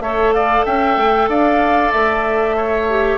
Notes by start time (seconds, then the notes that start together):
0.00 A3 A4 C#5 E5
0.33 D5 F5
0.66 C#4 E5 G5
0.97 A3
1.29 D4 D5 F5
1.92 A3 E5
2.57 C#5
2.90 G4